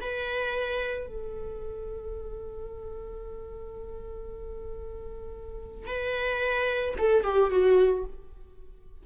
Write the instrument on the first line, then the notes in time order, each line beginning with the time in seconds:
viola
0.00 B4
1.06 A4
5.87 B4
6.98 A4
7.23 G4
7.50 F#4